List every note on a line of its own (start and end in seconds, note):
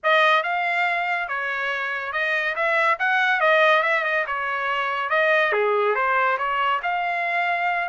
0.03 0.43 D#5
0.43 1.28 F5
1.28 2.12 C#5
2.12 2.55 D#5
2.55 2.98 E5
2.99 3.40 F#5
3.40 3.83 D#5
3.83 4.04 E5
4.04 4.25 D#5
4.26 5.09 C#5
5.09 5.52 D#5
5.52 5.95 G#4
5.95 6.37 C5
6.38 6.80 C#5
6.82 7.89 F5